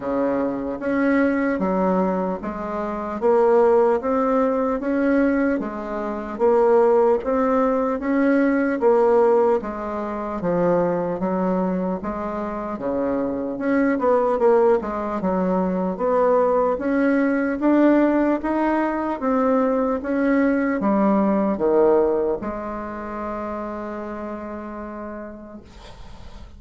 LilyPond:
\new Staff \with { instrumentName = "bassoon" } { \time 4/4 \tempo 4 = 75 cis4 cis'4 fis4 gis4 | ais4 c'4 cis'4 gis4 | ais4 c'4 cis'4 ais4 | gis4 f4 fis4 gis4 |
cis4 cis'8 b8 ais8 gis8 fis4 | b4 cis'4 d'4 dis'4 | c'4 cis'4 g4 dis4 | gis1 | }